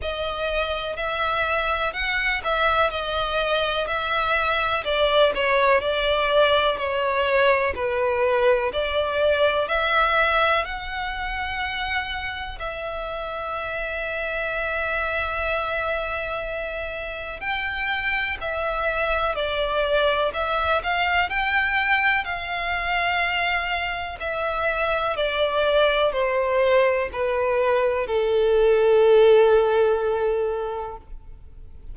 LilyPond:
\new Staff \with { instrumentName = "violin" } { \time 4/4 \tempo 4 = 62 dis''4 e''4 fis''8 e''8 dis''4 | e''4 d''8 cis''8 d''4 cis''4 | b'4 d''4 e''4 fis''4~ | fis''4 e''2.~ |
e''2 g''4 e''4 | d''4 e''8 f''8 g''4 f''4~ | f''4 e''4 d''4 c''4 | b'4 a'2. | }